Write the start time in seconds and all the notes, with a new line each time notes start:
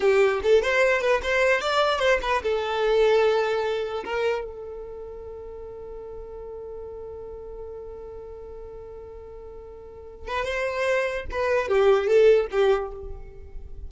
0.00 G4
0.42 A4
0.62 C5
1.01 B4
1.23 C5
1.60 D5
1.99 C5
2.22 B4
2.43 A4
4.04 A#4
4.44 A4
10.27 B4
10.44 C5
11.31 B4
11.68 G4
12.07 A4
12.51 G4